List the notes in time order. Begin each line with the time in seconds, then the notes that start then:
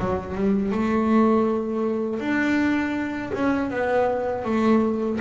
0.00 F#3
0.35 G3
0.72 A3
2.20 D4
3.34 C#4
3.71 B3
4.45 A3